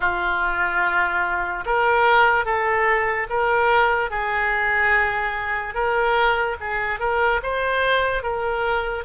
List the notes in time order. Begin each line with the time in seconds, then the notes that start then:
0.00 F4
1.65 A#4
2.45 A4
3.29 A#4
4.10 G#4
5.74 A#4
6.60 G#4
6.99 A#4
7.42 C5
8.22 A#4